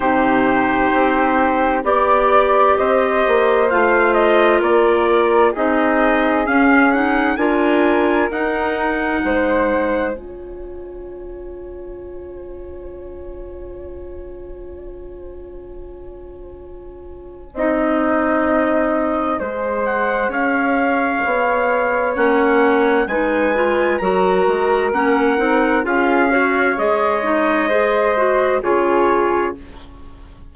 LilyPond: <<
  \new Staff \with { instrumentName = "trumpet" } { \time 4/4 \tempo 4 = 65 c''2 d''4 dis''4 | f''8 dis''8 d''4 dis''4 f''8 fis''8 | gis''4 fis''2 gis''4~ | gis''1~ |
gis''1~ | gis''4. fis''8 f''2 | fis''4 gis''4 ais''4 fis''4 | f''4 dis''2 cis''4 | }
  \new Staff \with { instrumentName = "flute" } { \time 4/4 g'2 d''4 c''4~ | c''4 ais'4 gis'2 | ais'2 c''4 cis''4~ | cis''1~ |
cis''2. dis''4~ | dis''4 c''4 cis''2~ | cis''4 b'4 ais'2 | gis'8 cis''4. c''4 gis'4 | }
  \new Staff \with { instrumentName = "clarinet" } { \time 4/4 dis'2 g'2 | f'2 dis'4 cis'8 dis'8 | f'4 dis'2 f'4~ | f'1~ |
f'2. dis'4~ | dis'4 gis'2. | cis'4 dis'8 f'8 fis'4 cis'8 dis'8 | f'8 fis'8 gis'8 dis'8 gis'8 fis'8 f'4 | }
  \new Staff \with { instrumentName = "bassoon" } { \time 4/4 c4 c'4 b4 c'8 ais8 | a4 ais4 c'4 cis'4 | d'4 dis'4 gis4 cis'4~ | cis'1~ |
cis'2. c'4~ | c'4 gis4 cis'4 b4 | ais4 gis4 fis8 gis8 ais8 c'8 | cis'4 gis2 cis4 | }
>>